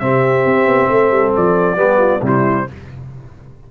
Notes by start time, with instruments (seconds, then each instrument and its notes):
0.00 tuba C3, trombone C4, horn G4, trumpet E5
0.46 tuba C4
0.66 tuba B3
0.89 tuba A3, horn A4
1.11 tuba G3
1.36 tuba F3, trumpet D5
1.77 tuba G3, trombone B3, horn G4
1.99 horn F4
2.22 tuba C3, trombone G3, horn E4, trumpet C5